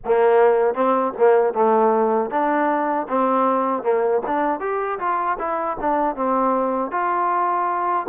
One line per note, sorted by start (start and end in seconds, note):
0.04 0.74 A#3
0.74 1.13 C4
1.17 1.53 A#3
1.53 2.30 A3
2.30 3.07 D4
3.08 3.82 C4
3.82 4.21 A#3
4.26 4.60 D4
4.60 4.98 G4
4.99 5.37 F4
5.38 5.77 E4
5.80 6.15 D4
6.15 6.91 C4
6.91 8.06 F4